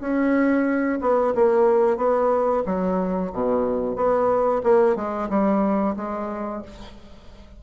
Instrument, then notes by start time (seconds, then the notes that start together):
bassoon
0.00 C#4
1.01 B3
1.35 A#3
1.97 B3
2.66 F#3
3.33 B2
3.96 B3
4.63 A#3
4.96 G#3
5.29 G3
5.96 G#3